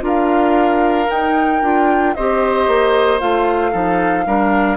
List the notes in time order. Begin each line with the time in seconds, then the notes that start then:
0.00 D4 F4 A#4
0.06 F5
1.10 D#4 G5
1.62 D4 F4
2.14 C4 G4 C5 D#5
2.67 A#3
3.20 A3 F4 F5
3.71 F3 D#4 A4
4.25 G3 D4 A#4